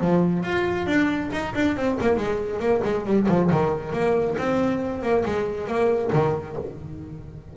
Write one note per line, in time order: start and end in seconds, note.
0.00 0.43 F3
0.43 0.86 F4
0.86 1.30 D4
1.32 1.54 D#4
1.55 1.76 D4
1.76 1.98 C4
2.00 2.16 A#3
2.16 2.59 G#3
2.59 2.81 A#3
2.84 3.05 G#3
3.05 3.27 G3
3.28 3.50 F3
3.50 3.92 D#3
3.92 4.36 A#3
4.38 5.02 C4
5.02 5.24 A#3
5.25 5.67 G#3
5.67 6.10 A#3
6.13 6.56 D#3